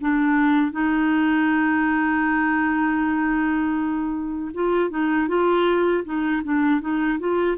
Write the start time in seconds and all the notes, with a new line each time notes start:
0.00 D4
0.71 D#4
4.54 F4
4.90 D#4
5.28 F4
6.04 D#4
6.43 D4
6.80 D#4
7.19 F4